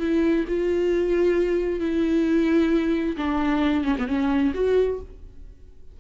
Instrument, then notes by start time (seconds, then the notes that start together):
viola
0.00 E4
0.48 F4
1.80 E4
3.17 D4
3.85 C#4
3.99 B3
4.08 C#4
4.55 F#4